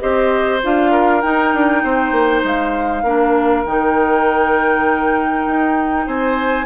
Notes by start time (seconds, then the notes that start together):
0.00 C4 G4 C5 D#5
0.63 D4 F4 F5
0.91 A#4
1.22 D#4 G5
1.54 D4
1.83 C4 C5
2.12 A#3
2.44 G#3 F5
3.03 A#3 D4 A#4
3.66 D#3 D#4 G5
5.46 D#4
6.07 C4 C5 G#5